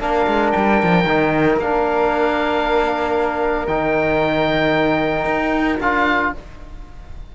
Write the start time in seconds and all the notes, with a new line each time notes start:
0.00 A#3 D4 A#4 F5
0.27 G#3
0.51 G3 G5
0.83 F3
1.05 D#3 D#4
1.57 A#3 D4 F5
3.68 D#3 D#4 G5
5.25 D#4
5.80 D4 F4 F5